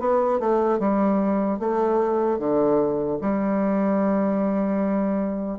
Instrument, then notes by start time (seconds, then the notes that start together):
bassoon
0.00 B3
0.40 A3
0.79 G3
1.59 A3
2.39 D3
3.21 G3